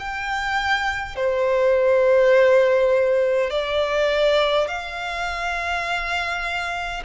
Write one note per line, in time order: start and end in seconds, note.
0.00 1.16 G5
1.16 3.51 C5
3.51 4.68 D5
4.68 7.04 F5